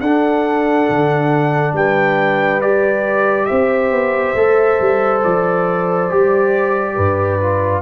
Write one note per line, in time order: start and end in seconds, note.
0.00 0.87 D4
0.00 2.62 D4
0.00 1.74 A4
0.00 1.74 F#5
0.89 1.72 D3
1.72 3.46 G3
1.72 3.48 B4
1.72 2.61 G5
2.61 4.36 G4
2.61 3.45 D5
3.45 3.90 C4
3.45 6.94 C5
3.45 5.19 E5
3.90 4.34 B3
4.34 4.77 A3
4.34 6.09 A4
4.80 5.23 G3
5.22 6.11 F3
5.22 7.82 D5
6.09 6.97 G3
6.09 7.40 G4
6.94 7.82 G2
6.94 7.81 B4
7.40 7.82 F4